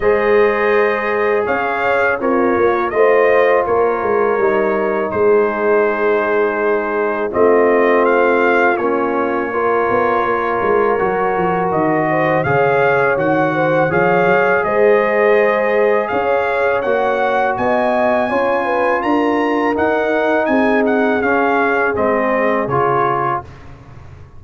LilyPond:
<<
  \new Staff \with { instrumentName = "trumpet" } { \time 4/4 \tempo 4 = 82 dis''2 f''4 cis''4 | dis''4 cis''2 c''4~ | c''2 dis''4 f''4 | cis''1 |
dis''4 f''4 fis''4 f''4 | dis''2 f''4 fis''4 | gis''2 ais''4 fis''4 | gis''8 fis''8 f''4 dis''4 cis''4 | }
  \new Staff \with { instrumentName = "horn" } { \time 4/4 c''2 cis''4 f'4 | c''4 ais'2 gis'4~ | gis'2 f'2~ | f'4 ais'2.~ |
ais'8 c''8 cis''4. c''8 cis''4 | c''2 cis''2 | dis''4 cis''8 b'8 ais'2 | gis'1 | }
  \new Staff \with { instrumentName = "trombone" } { \time 4/4 gis'2. ais'4 | f'2 dis'2~ | dis'2 c'2 | cis'4 f'2 fis'4~ |
fis'4 gis'4 fis'4 gis'4~ | gis'2. fis'4~ | fis'4 f'2 dis'4~ | dis'4 cis'4 c'4 f'4 | }
  \new Staff \with { instrumentName = "tuba" } { \time 4/4 gis2 cis'4 c'8 ais8 | a4 ais8 gis8 g4 gis4~ | gis2 a2 | ais4. b8 ais8 gis8 fis8 f8 |
dis4 cis4 dis4 f8 fis8 | gis2 cis'4 ais4 | b4 cis'4 d'4 dis'4 | c'4 cis'4 gis4 cis4 | }
>>